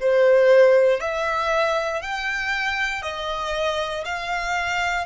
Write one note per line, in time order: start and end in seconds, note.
0.00 1.00 C5
1.00 2.02 E5
2.02 3.02 G5
3.02 4.04 D#5
4.04 5.05 F5